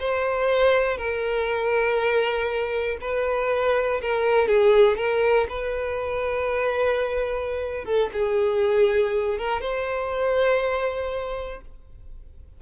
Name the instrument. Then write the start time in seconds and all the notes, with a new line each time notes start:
violin
0.00 C5
0.98 A#4
3.01 B4
4.02 A#4
4.48 G#4
4.97 A#4
5.49 B4
7.85 A4
8.13 G#4
9.38 A#4
9.61 C5